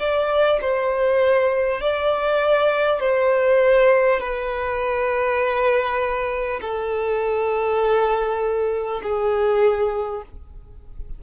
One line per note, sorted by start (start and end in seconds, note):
0.00 0.60 D5
0.61 1.81 C5
1.81 3.00 D5
3.00 4.20 C5
4.20 6.60 B4
6.62 9.02 A4
9.03 10.23 G#4